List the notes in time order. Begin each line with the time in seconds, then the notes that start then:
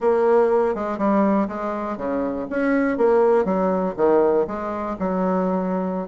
0.00 A#3
0.74 G#3
0.98 G3
1.47 G#3
1.97 C#3
2.50 C#4
2.97 A#3
3.45 F#3
3.96 D#3
4.47 G#3
4.99 F#3